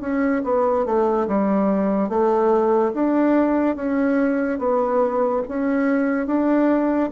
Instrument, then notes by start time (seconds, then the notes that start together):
bassoon
0.00 C#4
0.43 B3
0.85 A3
1.27 G3
2.08 A3
2.93 D4
3.75 C#4
4.58 B3
5.48 C#4
6.26 D4